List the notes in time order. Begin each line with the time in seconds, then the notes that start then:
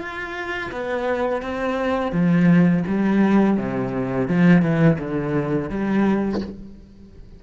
0.00 F4
0.72 B3
1.42 C4
2.12 F3
2.87 G3
3.57 C3
4.29 F3
4.62 E3
4.99 D3
5.70 G3